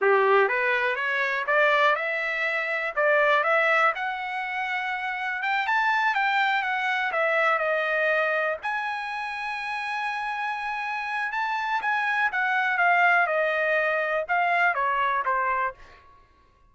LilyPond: \new Staff \with { instrumentName = "trumpet" } { \time 4/4 \tempo 4 = 122 g'4 b'4 cis''4 d''4 | e''2 d''4 e''4 | fis''2. g''8 a''8~ | a''8 g''4 fis''4 e''4 dis''8~ |
dis''4. gis''2~ gis''8~ | gis''2. a''4 | gis''4 fis''4 f''4 dis''4~ | dis''4 f''4 cis''4 c''4 | }